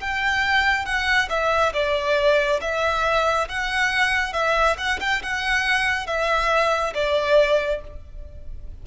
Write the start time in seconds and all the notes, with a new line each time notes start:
0.00 G5
0.85 F#5
1.29 E5
1.73 D5
2.61 E5
3.49 F#5
4.33 E5
4.77 F#5
5.00 G5
5.22 F#5
6.06 E5
6.94 D5